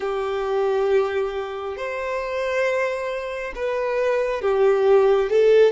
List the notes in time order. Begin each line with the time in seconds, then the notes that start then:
0.00 G4
1.76 C5
3.55 B4
4.41 G4
5.29 A4